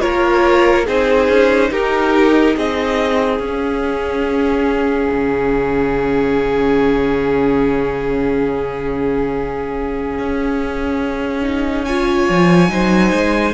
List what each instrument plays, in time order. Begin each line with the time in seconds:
0.00 cello A#3, viola F4, violin A#4 C#5
0.85 cello C4, viola D#4, violin G#4 C5
1.28 cello C#4
1.70 cello D#4, violin G4 A#4
2.56 cello C4, violin G#4 D#5
3.39 cello C#4, viola C#4, violin F5
5.11 cello C#3
10.18 cello C#4
11.42 viola D#4
11.85 viola F4, violin C#5 G#5
12.29 cello F3
12.68 cello F#3, viola D#4, violin C5
13.12 cello G#3